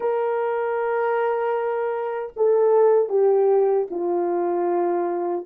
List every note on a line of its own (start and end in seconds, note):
0.00 2.32 A#4
2.36 3.09 A4
3.09 3.87 G4
3.90 5.45 F4